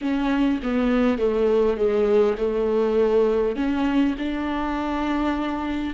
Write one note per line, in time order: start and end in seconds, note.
0.01 0.60 C#4
0.62 1.18 B3
1.18 1.77 A3
1.77 2.36 G#3
2.37 3.56 A3
3.56 4.15 C#4
4.18 5.94 D4